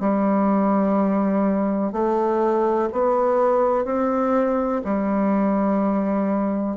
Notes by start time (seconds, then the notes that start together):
0.00 G3
1.92 A3
2.93 B3
3.85 C4
4.85 G3